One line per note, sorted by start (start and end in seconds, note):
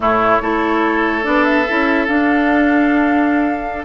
0.00 0.40 A2
0.00 0.40 A3
0.00 0.41 E4
0.00 1.24 C#5
0.41 1.25 A3
0.41 1.23 E4
0.41 3.84 A4
1.23 1.68 B3
1.23 1.64 D4
1.23 1.44 D5
1.44 2.06 E5
1.68 2.08 C#4
1.68 2.07 E4
2.07 3.84 D4
2.07 3.84 F5